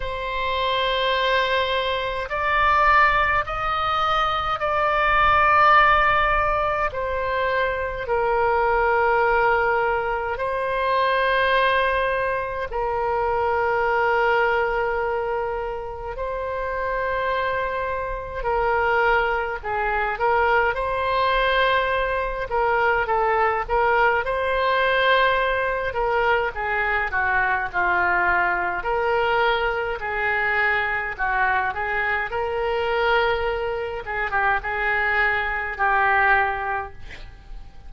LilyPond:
\new Staff \with { instrumentName = "oboe" } { \time 4/4 \tempo 4 = 52 c''2 d''4 dis''4 | d''2 c''4 ais'4~ | ais'4 c''2 ais'4~ | ais'2 c''2 |
ais'4 gis'8 ais'8 c''4. ais'8 | a'8 ais'8 c''4. ais'8 gis'8 fis'8 | f'4 ais'4 gis'4 fis'8 gis'8 | ais'4. gis'16 g'16 gis'4 g'4 | }